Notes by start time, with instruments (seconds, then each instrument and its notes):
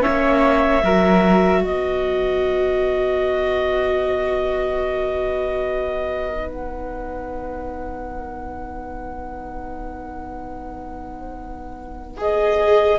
0.00 viola C#4, flute C#5, clarinet E5
0.06 cello A#3
0.83 cello F#3, viola F#4, flute A#4
1.62 cello B3, flute B4, clarinet D#5
6.30 viola D#4
6.49 clarinet F#5
12.18 viola G#4, clarinet D#5